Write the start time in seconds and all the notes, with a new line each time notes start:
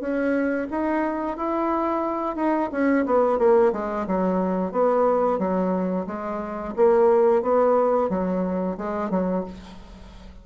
0.00 C#4
0.70 D#4
1.37 E4
2.36 D#4
2.72 C#4
3.06 B3
3.38 A#3
3.73 G#3
4.07 F#3
4.72 B3
5.38 F#3
6.06 G#3
6.76 A#3
7.42 B3
8.09 F#3
8.77 G#3
9.10 F#3